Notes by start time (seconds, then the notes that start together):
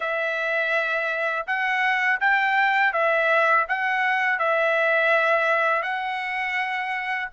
0.00 E5
1.46 F#5
2.20 G5
2.92 E5
3.68 F#5
4.38 E5
5.82 F#5